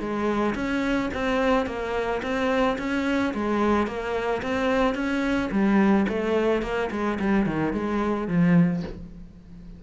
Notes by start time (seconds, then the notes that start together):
0.00 G#3
0.55 C#4
1.14 C4
1.67 A#3
2.23 C4
2.79 C#4
3.35 G#3
3.87 A#3
4.43 C4
4.95 C#4
5.52 G3
6.09 A3
6.63 A#3
6.91 G#3
7.20 G3
7.46 D#3
7.73 G#3
8.28 F3